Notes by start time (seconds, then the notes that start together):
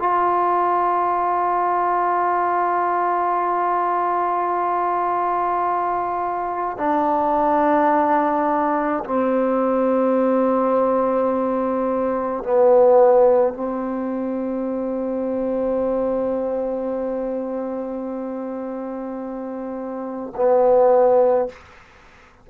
0.00 F4
6.78 D4
9.05 C4
12.44 B3
13.54 C4
20.36 B3